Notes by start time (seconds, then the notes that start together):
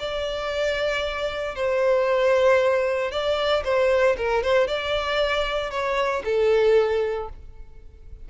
0.00 D5
1.56 C5
3.12 D5
3.65 C5
4.18 A#4
4.43 C5
4.68 D5
5.71 C#5
6.25 A4